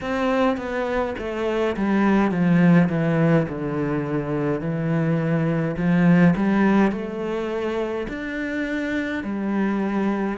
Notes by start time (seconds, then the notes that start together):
0.01 C4
0.57 B3
1.18 A3
1.76 G3
2.31 F3
2.88 E3
3.49 D3
4.60 E3
5.76 F3
6.36 G3
6.91 A3
8.08 D4
9.23 G3